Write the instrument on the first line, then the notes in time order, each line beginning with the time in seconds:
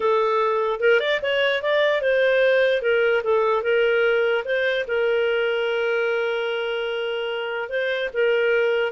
clarinet
0.00 A4
0.80 A#4
1.00 D5
1.22 C#5
1.62 D5
2.01 C5
2.81 A#4
3.23 A4
3.62 A#4
4.44 C5
4.87 A#4
7.69 C5
8.13 A#4